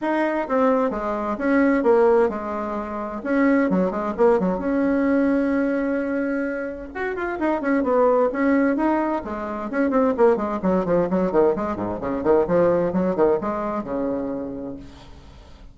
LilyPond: \new Staff \with { instrumentName = "bassoon" } { \time 4/4 \tempo 4 = 130 dis'4 c'4 gis4 cis'4 | ais4 gis2 cis'4 | fis8 gis8 ais8 fis8 cis'2~ | cis'2. fis'8 f'8 |
dis'8 cis'8 b4 cis'4 dis'4 | gis4 cis'8 c'8 ais8 gis8 fis8 f8 | fis8 dis8 gis8 gis,8 cis8 dis8 f4 | fis8 dis8 gis4 cis2 | }